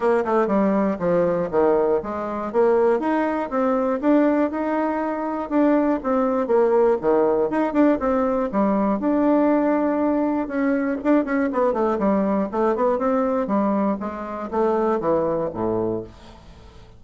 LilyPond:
\new Staff \with { instrumentName = "bassoon" } { \time 4/4 \tempo 4 = 120 ais8 a8 g4 f4 dis4 | gis4 ais4 dis'4 c'4 | d'4 dis'2 d'4 | c'4 ais4 dis4 dis'8 d'8 |
c'4 g4 d'2~ | d'4 cis'4 d'8 cis'8 b8 a8 | g4 a8 b8 c'4 g4 | gis4 a4 e4 a,4 | }